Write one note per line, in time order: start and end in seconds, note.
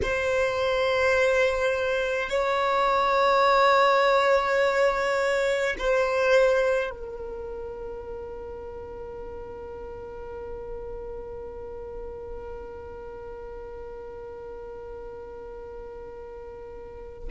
0.02 2.29 C5
2.29 5.75 C#5
5.78 6.90 C5
6.90 17.28 A#4